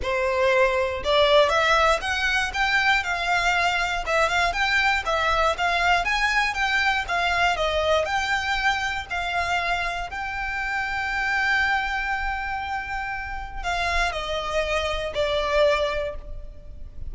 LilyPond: \new Staff \with { instrumentName = "violin" } { \time 4/4 \tempo 4 = 119 c''2 d''4 e''4 | fis''4 g''4 f''2 | e''8 f''8 g''4 e''4 f''4 | gis''4 g''4 f''4 dis''4 |
g''2 f''2 | g''1~ | g''2. f''4 | dis''2 d''2 | }